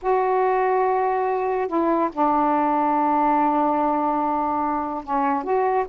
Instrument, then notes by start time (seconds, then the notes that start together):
saxophone
0.02 F#4
1.67 E4
2.12 D4
5.04 C#4
5.43 F#4